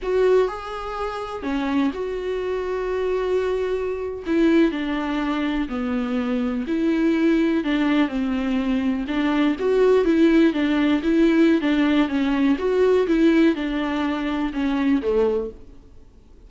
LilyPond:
\new Staff \with { instrumentName = "viola" } { \time 4/4 \tempo 4 = 124 fis'4 gis'2 cis'4 | fis'1~ | fis'8. e'4 d'2 b16~ | b4.~ b16 e'2 d'16~ |
d'8. c'2 d'4 fis'16~ | fis'8. e'4 d'4 e'4~ e'16 | d'4 cis'4 fis'4 e'4 | d'2 cis'4 a4 | }